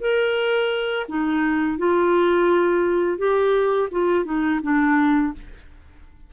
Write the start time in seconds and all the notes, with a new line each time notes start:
0.00 A#4
1.08 D#4
1.78 F4
3.18 G4
3.91 F4
4.25 D#4
4.62 D4